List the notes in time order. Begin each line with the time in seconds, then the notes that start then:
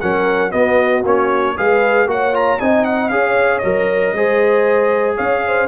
0.00 F#3 C#4 A#4 F#5
0.51 B3 F#4 D#5
1.05 A#3 C#4 C#5
1.56 G#3 G#4 B4 F5
2.07 A#3 F#4 C#5 F#5
2.33 F4 A#5
2.59 C4 D#4 D#5 G#5
2.84 F#5
3.09 C#4 G#4 C#5 F5
3.59 F#3 A#4 D#5
4.13 G#3 G#4 C5
5.16 C#4 C#5 F5
5.46 C5